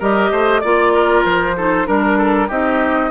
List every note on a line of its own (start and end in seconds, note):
0.00 0.32 G3
0.00 0.63 G4
0.00 0.31 A#4
0.00 0.61 D#5
0.32 0.63 A3
0.32 0.62 C5
0.61 1.25 A#3
0.61 1.58 F4
0.61 1.23 D5
0.61 0.93 D5
0.94 1.57 A#4
1.25 1.88 F3
1.25 1.88 C5
1.57 1.86 D#4
1.57 1.88 A4
1.86 2.50 G3
1.86 2.49 D4
1.86 2.50 A#4
1.86 2.18 A#4
2.18 2.48 A4
2.48 3.11 C4
2.48 3.11 D#4
2.48 3.11 G4
2.48 3.11 D#5